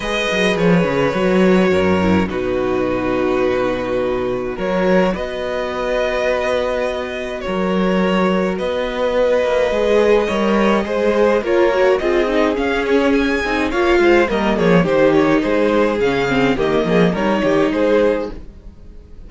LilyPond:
<<
  \new Staff \with { instrumentName = "violin" } { \time 4/4 \tempo 4 = 105 dis''4 cis''2. | b'1 | cis''4 dis''2.~ | dis''4 cis''2 dis''4~ |
dis''1 | cis''4 dis''4 f''8 cis''8 gis''4 | f''4 dis''8 cis''8 c''8 cis''8 c''4 | f''4 dis''4 cis''4 c''4 | }
  \new Staff \with { instrumentName = "violin" } { \time 4/4 b'2. ais'4 | fis'1 | ais'4 b'2.~ | b'4 ais'2 b'4~ |
b'2 cis''4 c''4 | ais'4 gis'2. | cis''8 c''8 ais'8 gis'8 g'4 gis'4~ | gis'4 g'8 gis'8 ais'8 g'8 gis'4 | }
  \new Staff \with { instrumentName = "viola" } { \time 4/4 gis'2 fis'4. e'8 | dis'1 | fis'1~ | fis'1~ |
fis'4 gis'4 ais'4 gis'4 | f'8 fis'8 f'8 dis'8 cis'4. dis'8 | f'4 ais4 dis'2 | cis'8 c'8 ais4 dis'2 | }
  \new Staff \with { instrumentName = "cello" } { \time 4/4 gis8 fis8 f8 cis8 fis4 fis,4 | b,1 | fis4 b2.~ | b4 fis2 b4~ |
b8 ais8 gis4 g4 gis4 | ais4 c'4 cis'4. c'8 | ais8 gis8 g8 f8 dis4 gis4 | cis4 dis8 f8 g8 dis8 gis4 | }
>>